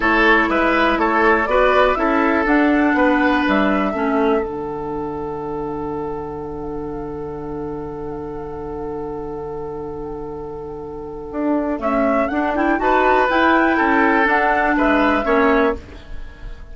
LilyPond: <<
  \new Staff \with { instrumentName = "flute" } { \time 4/4 \tempo 4 = 122 cis''4 e''4 cis''4 d''4 | e''4 fis''2 e''4~ | e''4 fis''2.~ | fis''1~ |
fis''1~ | fis''1 | e''4 fis''8 g''8 a''4 g''4~ | g''4 fis''4 e''2 | }
  \new Staff \with { instrumentName = "oboe" } { \time 4/4 a'4 b'4 a'4 b'4 | a'2 b'2 | a'1~ | a'1~ |
a'1~ | a'1~ | a'2 b'2 | a'2 b'4 cis''4 | }
  \new Staff \with { instrumentName = "clarinet" } { \time 4/4 e'2. fis'4 | e'4 d'2. | cis'4 d'2.~ | d'1~ |
d'1~ | d'1 | a4 d'8 e'8 fis'4 e'4~ | e'4 d'2 cis'4 | }
  \new Staff \with { instrumentName = "bassoon" } { \time 4/4 a4 gis4 a4 b4 | cis'4 d'4 b4 g4 | a4 d2.~ | d1~ |
d1~ | d2. d'4 | cis'4 d'4 dis'4 e'4 | cis'4 d'4 gis4 ais4 | }
>>